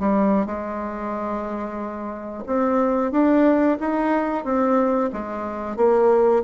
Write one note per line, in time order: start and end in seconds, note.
0.00 0.46 G3
0.46 2.44 G#3
2.47 3.12 C4
3.12 3.78 D4
3.80 4.44 D#4
4.44 5.10 C4
5.13 5.77 G#3
5.77 6.43 A#3